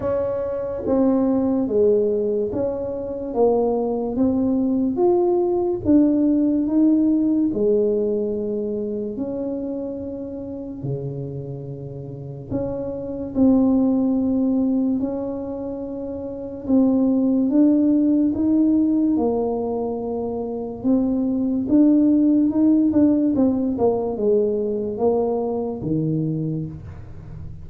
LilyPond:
\new Staff \with { instrumentName = "tuba" } { \time 4/4 \tempo 4 = 72 cis'4 c'4 gis4 cis'4 | ais4 c'4 f'4 d'4 | dis'4 gis2 cis'4~ | cis'4 cis2 cis'4 |
c'2 cis'2 | c'4 d'4 dis'4 ais4~ | ais4 c'4 d'4 dis'8 d'8 | c'8 ais8 gis4 ais4 dis4 | }